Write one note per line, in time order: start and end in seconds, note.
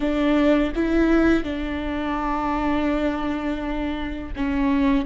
0.00 0.72 D4
0.75 1.43 E4
1.43 4.32 D4
4.35 5.05 C#4